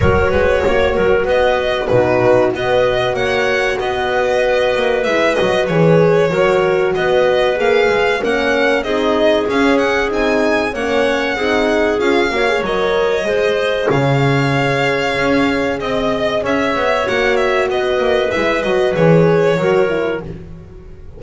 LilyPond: <<
  \new Staff \with { instrumentName = "violin" } { \time 4/4 \tempo 4 = 95 cis''2 dis''4 b'4 | dis''4 fis''4 dis''2 | e''8 dis''8 cis''2 dis''4 | f''4 fis''4 dis''4 f''8 fis''8 |
gis''4 fis''2 f''4 | dis''2 f''2~ | f''4 dis''4 e''4 fis''8 e''8 | dis''4 e''8 dis''8 cis''2 | }
  \new Staff \with { instrumentName = "clarinet" } { \time 4/4 ais'8 b'8 cis''8 ais'8 b'4 fis'4 | b'4 cis''4 b'2~ | b'2 ais'4 b'4~ | b'4 ais'4 gis'2~ |
gis'4 cis''4 gis'4. cis''8~ | cis''4 c''4 cis''2~ | cis''4 dis''4 cis''2 | b'2. ais'4 | }
  \new Staff \with { instrumentName = "horn" } { \time 4/4 fis'2. dis'4 | fis'1 | e'8 fis'8 gis'4 fis'2 | gis'4 cis'4 dis'4 cis'4 |
dis'4 cis'4 dis'4 f'8 fis'16 gis'16 | ais'4 gis'2.~ | gis'2. fis'4~ | fis'4 e'8 fis'8 gis'4 fis'8 e'8 | }
  \new Staff \with { instrumentName = "double bass" } { \time 4/4 fis8 gis8 ais8 fis8 b4 b,4 | b4 ais4 b4. ais8 | gis8 fis8 e4 fis4 b4 | ais8 gis8 ais4 c'4 cis'4 |
c'4 ais4 c'4 cis'8 ais8 | fis4 gis4 cis2 | cis'4 c'4 cis'8 b8 ais4 | b8 ais8 gis8 fis8 e4 fis4 | }
>>